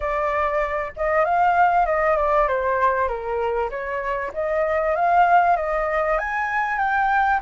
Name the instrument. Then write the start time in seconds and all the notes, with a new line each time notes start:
flute
0.00 D5
0.96 D#5
1.24 F5
1.86 D#5
2.16 D5
2.48 C5
3.08 A#4
3.69 C#5
4.33 D#5
4.95 F5
5.56 D#5
6.18 G#5
6.78 G5